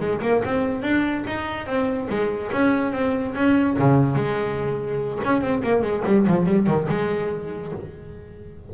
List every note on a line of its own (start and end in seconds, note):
0.00 0.21 G#3
0.22 0.42 A#3
0.45 0.82 C4
0.82 1.24 D4
1.27 1.66 D#4
1.66 2.08 C4
2.09 2.51 G#3
2.52 2.92 C#4
2.92 3.34 C4
3.35 3.76 C#4
3.79 4.15 C#3
4.15 5.19 G#3
5.24 5.41 C#4
5.41 5.62 C4
5.63 5.82 A#3
5.82 6.03 G#3
6.05 6.26 G3
6.27 6.46 F3
6.46 6.66 G3
6.66 6.87 D#3
6.89 7.72 G#3